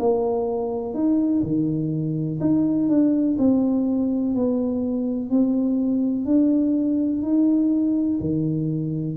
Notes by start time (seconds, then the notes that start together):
0.00 A#3
0.95 D#4
1.43 D#3
2.41 D#4
2.89 D4
3.39 C4
4.35 B3
5.30 C4
6.26 D4
7.22 D#4
8.21 D#3